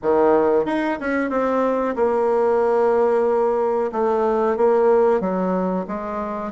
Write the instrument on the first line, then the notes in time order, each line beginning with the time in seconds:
bassoon
0.02 D#3
0.65 D#4
1.00 C#4
1.30 C4
1.95 A#3
3.92 A3
4.56 A#3
5.20 F#3
5.87 G#3